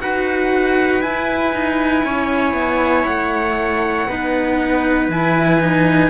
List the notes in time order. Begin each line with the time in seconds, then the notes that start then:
0.00 D#4 F#4 B4 F#5
1.01 E4 G#5
1.53 D#4
2.04 C#4 C#5
2.53 B3
3.06 A3 F#5
4.07 B3 D#4 B4
5.08 E3 E4 G#5
5.59 D#4